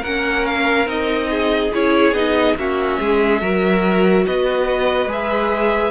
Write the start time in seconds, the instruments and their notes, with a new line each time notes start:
0.00 cello A#3, viola C#4, violin A#4 F#5
0.45 violin F5
0.85 cello C4, viola D#4, violin D#5
1.30 violin G#4
1.74 cello C#4, viola E4, violin C#5
2.12 cello B3, viola D#4, violin D#5
2.56 cello A#3, viola C#4, violin F#4 E5
2.99 cello G#3, violin G#4
3.41 cello F#3, viola F#4, violin A#4
4.26 cello B3, violin B4 D#5
5.06 cello G#3, viola G#4
5.12 violin E5